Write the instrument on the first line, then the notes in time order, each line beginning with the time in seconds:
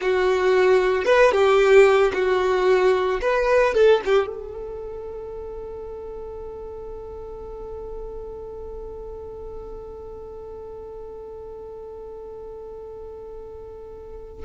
violin
0.00 F#4
1.05 B4
1.31 G4
2.13 F#4
3.21 B4
3.74 A4
4.05 G4
4.26 A4